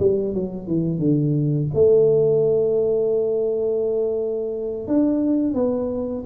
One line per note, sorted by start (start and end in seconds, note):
0.00 0.35 G3
0.35 0.68 F#3
0.68 0.99 E3
0.99 1.69 D3
1.74 4.88 A3
4.88 5.54 D4
5.54 6.24 B3